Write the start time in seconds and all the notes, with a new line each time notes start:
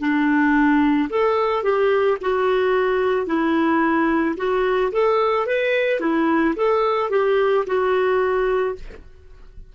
0.00 D4
1.10 A4
1.64 G4
2.22 F#4
3.27 E4
4.37 F#4
4.92 A4
5.46 B4
6.00 E4
6.57 A4
7.11 G4
7.67 F#4